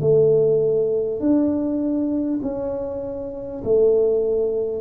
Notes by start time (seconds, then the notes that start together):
0.00 A3
1.19 D4
2.42 C#4
3.64 A3